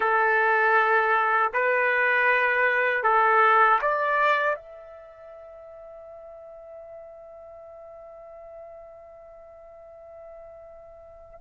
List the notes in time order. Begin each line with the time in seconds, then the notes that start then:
0.00 A4
1.53 B4
3.03 A4
3.81 D5
4.55 E5